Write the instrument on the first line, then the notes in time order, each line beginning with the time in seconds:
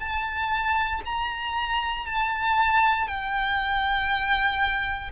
violin
0.00 A5
1.05 A#5
2.06 A5
3.08 G5